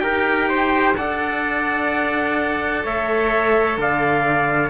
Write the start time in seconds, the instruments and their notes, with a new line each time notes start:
0.00 cello D#4 G4, trumpet A#4 G5
0.49 trumpet C5
0.97 cello D4 A4, trumpet D5 F#5
2.84 cello A3, trumpet C#5 E5
3.78 cello D3, trumpet D5 F5